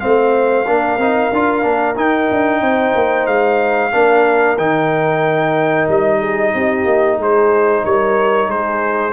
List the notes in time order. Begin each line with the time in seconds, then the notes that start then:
0.00 A3 C4 C5 F5
0.66 A#3 D4 A#4
0.98 C4 D#4
1.32 D4 F4
1.63 A#3 D4
1.96 D#4 G5
2.31 D4
2.61 C4 C5
2.95 A#3
3.27 G#3 F5
3.92 A#3 D4 A#4
4.57 D#3 D#4 G5
5.88 G3 D#5
6.19 G#4
6.54 C4 G4
6.85 A#3
7.18 G#3 G#4 C5
7.85 G3 A#4 C#5
8.48 G#3 G#4 C5